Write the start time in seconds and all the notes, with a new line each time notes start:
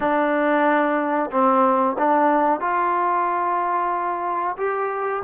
0.00 D4
1.31 C4
1.98 D4
2.60 F4
4.57 G4